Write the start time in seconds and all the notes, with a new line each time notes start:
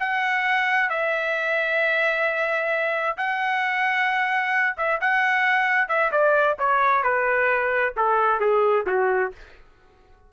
0.00 F#5
0.90 E5
3.18 F#5
4.78 E5
5.01 F#5
5.89 E5
6.12 D5
6.60 C#5
7.04 B4
7.97 A4
8.40 G#4
8.87 F#4